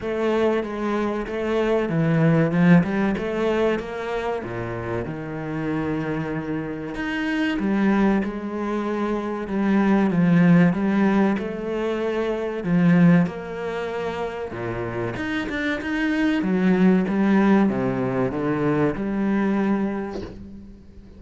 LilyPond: \new Staff \with { instrumentName = "cello" } { \time 4/4 \tempo 4 = 95 a4 gis4 a4 e4 | f8 g8 a4 ais4 ais,4 | dis2. dis'4 | g4 gis2 g4 |
f4 g4 a2 | f4 ais2 ais,4 | dis'8 d'8 dis'4 fis4 g4 | c4 d4 g2 | }